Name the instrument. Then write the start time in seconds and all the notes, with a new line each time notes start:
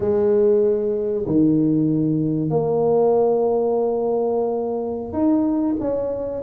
tuba
0.00 G#3
1.26 D#3
2.49 A#3
5.12 D#4
5.80 C#4